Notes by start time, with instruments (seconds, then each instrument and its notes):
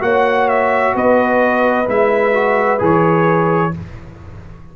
0.00 tuba A#3, trombone F#4, horn C#5, trumpet F#5
0.48 trumpet E5
0.95 tuba B3, horn B4, trumpet D#5
1.86 tuba G#3, trombone E4, trumpet E5
2.32 trombone F#4
2.79 tuba E3, trombone G#4, trumpet C#5